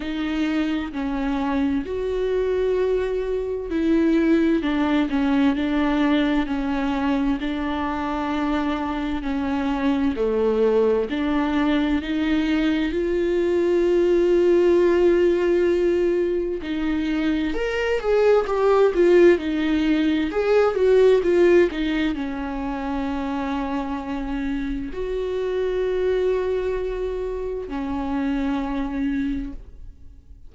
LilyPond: \new Staff \with { instrumentName = "viola" } { \time 4/4 \tempo 4 = 65 dis'4 cis'4 fis'2 | e'4 d'8 cis'8 d'4 cis'4 | d'2 cis'4 a4 | d'4 dis'4 f'2~ |
f'2 dis'4 ais'8 gis'8 | g'8 f'8 dis'4 gis'8 fis'8 f'8 dis'8 | cis'2. fis'4~ | fis'2 cis'2 | }